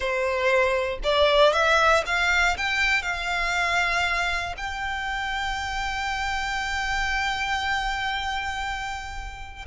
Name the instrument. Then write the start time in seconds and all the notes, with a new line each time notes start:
violin
0.00 C5
1.03 D5
1.53 E5
2.05 F5
2.57 G5
3.02 F5
4.57 G5